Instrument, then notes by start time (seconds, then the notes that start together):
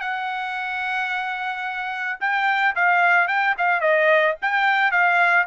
trumpet
0.00 F#5
2.20 G5
2.75 F5
3.28 G5
3.58 F5
3.81 D#5
4.41 G5
4.91 F5